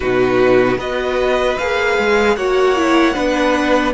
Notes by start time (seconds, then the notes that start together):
0.00 B2 D#4 F#4 B4
0.77 B3 F#4 B4 D#5
1.57 A#3 G#4 F5
1.98 G#3
2.36 A#3 F#4 C#5 F#5
2.76 E4
3.14 B3 D4 B4